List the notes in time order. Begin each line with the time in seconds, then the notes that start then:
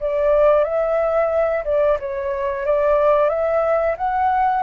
0.00 D5
0.64 E5
1.65 D5
2.00 C#5
2.66 D5
3.30 E5
3.97 F#5